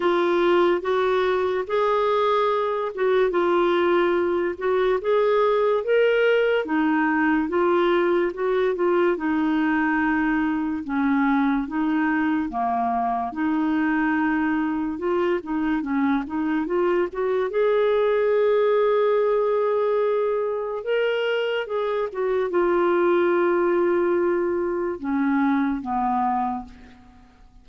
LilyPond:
\new Staff \with { instrumentName = "clarinet" } { \time 4/4 \tempo 4 = 72 f'4 fis'4 gis'4. fis'8 | f'4. fis'8 gis'4 ais'4 | dis'4 f'4 fis'8 f'8 dis'4~ | dis'4 cis'4 dis'4 ais4 |
dis'2 f'8 dis'8 cis'8 dis'8 | f'8 fis'8 gis'2.~ | gis'4 ais'4 gis'8 fis'8 f'4~ | f'2 cis'4 b4 | }